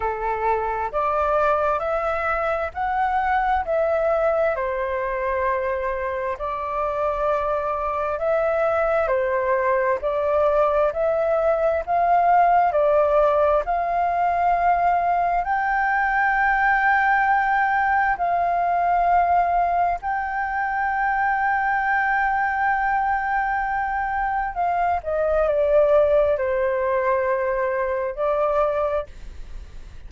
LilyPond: \new Staff \with { instrumentName = "flute" } { \time 4/4 \tempo 4 = 66 a'4 d''4 e''4 fis''4 | e''4 c''2 d''4~ | d''4 e''4 c''4 d''4 | e''4 f''4 d''4 f''4~ |
f''4 g''2. | f''2 g''2~ | g''2. f''8 dis''8 | d''4 c''2 d''4 | }